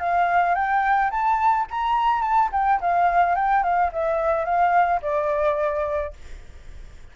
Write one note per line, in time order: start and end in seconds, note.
0.00 0.55 F5
0.55 1.11 G5
1.11 1.66 A5
1.71 2.22 A#5
2.22 2.49 A5
2.52 2.80 G5
2.81 3.36 F5
3.36 3.63 G5
3.64 3.91 F5
3.93 4.45 E5
4.45 5.01 F5
5.02 6.13 D5